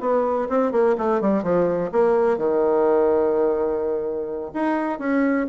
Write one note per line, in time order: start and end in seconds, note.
0.00 0.48 B3
0.48 0.71 C4
0.71 0.95 A#3
0.97 1.21 A3
1.21 1.43 G3
1.43 1.90 F3
1.92 2.37 A#3
2.37 4.52 D#3
4.54 4.98 D#4
4.98 5.46 C#4